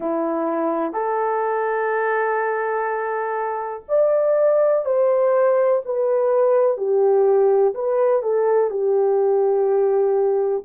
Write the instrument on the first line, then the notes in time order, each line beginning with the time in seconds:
horn
0.00 E4
0.92 A4
3.88 D5
4.85 C5
5.85 B4
6.77 G4
7.74 B4
8.22 A4
8.70 G4